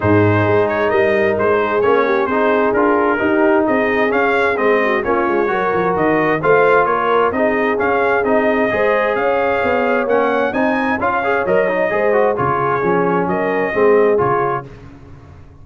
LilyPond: <<
  \new Staff \with { instrumentName = "trumpet" } { \time 4/4 \tempo 4 = 131 c''4. cis''8 dis''4 c''4 | cis''4 c''4 ais'2 | dis''4 f''4 dis''4 cis''4~ | cis''4 dis''4 f''4 cis''4 |
dis''4 f''4 dis''2 | f''2 fis''4 gis''4 | f''4 dis''2 cis''4~ | cis''4 dis''2 cis''4 | }
  \new Staff \with { instrumentName = "horn" } { \time 4/4 gis'2 ais'4. gis'8~ | gis'8 g'8 gis'2 g'4 | gis'2~ gis'8 fis'8 f'4 | ais'2 c''4 ais'4 |
gis'2. c''4 | cis''2. dis''4 | cis''2 c''4 gis'4~ | gis'4 ais'4 gis'2 | }
  \new Staff \with { instrumentName = "trombone" } { \time 4/4 dis'1 | cis'4 dis'4 f'4 dis'4~ | dis'4 cis'4 c'4 cis'4 | fis'2 f'2 |
dis'4 cis'4 dis'4 gis'4~ | gis'2 cis'4 dis'4 | f'8 gis'8 ais'8 dis'8 gis'8 fis'8 f'4 | cis'2 c'4 f'4 | }
  \new Staff \with { instrumentName = "tuba" } { \time 4/4 gis,4 gis4 g4 gis4 | ais4 c'4 d'4 dis'4 | c'4 cis'4 gis4 ais8 gis8 | fis8 f8 dis4 a4 ais4 |
c'4 cis'4 c'4 gis4 | cis'4 b4 ais4 c'4 | cis'4 fis4 gis4 cis4 | f4 fis4 gis4 cis4 | }
>>